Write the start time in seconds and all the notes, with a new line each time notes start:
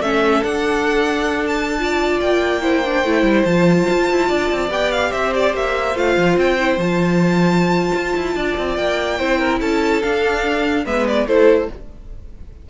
0.00 A3 C#4 A4 E5
0.42 D4 F#5
1.47 A5
1.79 F4 D5
2.20 A#3 G5
2.61 E4 C5
2.85 D4
3.04 A3 E4
3.22 G3
3.44 F3 F4 A5
3.90 F4
4.11 E4
4.28 D4 D5
4.51 C4
4.69 B3 G4 G5
4.91 F5
5.10 C4 C5 E5
5.34 D5
5.54 A#3 E5
5.95 A3 F4 F5
6.16 F3
6.36 C4 G5
6.59 E4
6.77 F3 F4 A5
7.95 F4
8.16 E4
8.35 D4 D5
8.57 C4
8.76 A#3 G5
9.18 C4 E4 C5
9.38 A#4
9.60 C#4 A4 A5
10.02 D4 F5
10.85 G#3 B3 B4 E5
11.07 D5
11.26 A3 E4 A4 C5